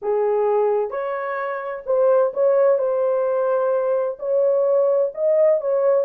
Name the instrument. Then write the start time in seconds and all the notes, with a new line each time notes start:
horn
0.01 G#4
0.90 C#5
1.86 C5
2.33 C#5
2.78 C5
4.19 C#5
5.14 D#5
5.60 C#5